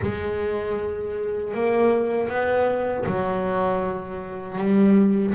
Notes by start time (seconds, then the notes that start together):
0.02 G#3
1.54 A#3
2.29 B3
3.06 F#3
4.58 G3